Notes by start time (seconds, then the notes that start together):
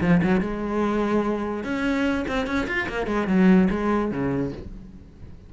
0.00 F3
0.23 F#3
0.40 G#3
1.63 C#4
2.27 C4
2.46 C#4
2.67 F4
2.88 A#3
3.06 G#3
3.27 F#3
3.70 G#3
4.11 C#3